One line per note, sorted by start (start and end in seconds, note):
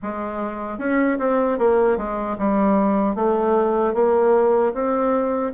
0.02 0.78 G#3
0.78 1.18 C#4
1.18 1.58 C4
1.58 1.97 A#3
1.97 2.36 G#3
2.38 3.15 G3
3.15 3.94 A3
3.94 4.73 A#3
4.73 5.52 C4